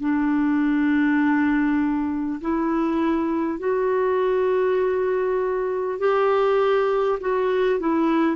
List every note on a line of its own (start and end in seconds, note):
0.00 2.40 D4
2.41 3.59 E4
3.59 5.99 F#4
5.99 7.19 G4
7.20 7.79 F#4
7.79 8.36 E4